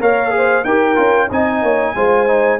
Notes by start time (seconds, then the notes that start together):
0.00 A#3 A#4 C#5 F5
0.31 G#4 C5
0.65 D#4 G4 A#4 G5
0.96 C#4 F4
1.29 C4 D#4 D#5 G#5
1.62 A#3 C#5
1.95 G#3 F4 C5
2.27 D#4